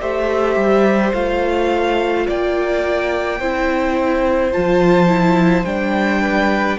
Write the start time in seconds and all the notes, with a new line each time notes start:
0.00 A3 G4 C5 E5
0.56 G3
1.13 A3 F4 F5
2.26 A#3 D5 G5
3.40 C4 E4 C5
4.52 F3 F4 A5
5.08 E4
5.64 G3 D4 G5
6.22 B4